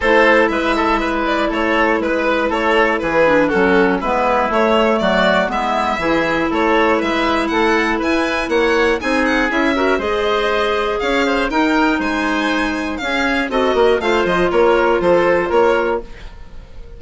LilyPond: <<
  \new Staff \with { instrumentName = "violin" } { \time 4/4 \tempo 4 = 120 c''4 e''4. d''8 cis''4 | b'4 cis''4 b'4 a'4 | b'4 cis''4 d''4 e''4~ | e''4 cis''4 e''4 fis''4 |
gis''4 fis''4 gis''8 fis''8 e''4 | dis''2 f''4 g''4 | gis''2 f''4 dis''4 | f''8 dis''8 cis''4 c''4 cis''4 | }
  \new Staff \with { instrumentName = "oboe" } { \time 4/4 a'4 b'8 a'8 b'4 a'4 | b'4 a'4 gis'4 fis'4 | e'2 fis'4 e'4 | gis'4 a'4 b'4 a'4 |
b'4 cis''4 gis'4. ais'8 | c''2 cis''8 c''8 ais'4 | c''2 gis'4 a'8 ais'8 | c''4 ais'4 a'4 ais'4 | }
  \new Staff \with { instrumentName = "clarinet" } { \time 4/4 e'1~ | e'2~ e'8 d'8 cis'4 | b4 a2 b4 | e'1~ |
e'2 dis'4 e'8 fis'8 | gis'2. dis'4~ | dis'2 cis'4 fis'4 | f'1 | }
  \new Staff \with { instrumentName = "bassoon" } { \time 4/4 a4 gis2 a4 | gis4 a4 e4 fis4 | gis4 a4 fis4 gis4 | e4 a4 gis4 a4 |
e'4 ais4 c'4 cis'4 | gis2 cis'4 dis'4 | gis2 cis'4 c'8 ais8 | a8 f8 ais4 f4 ais4 | }
>>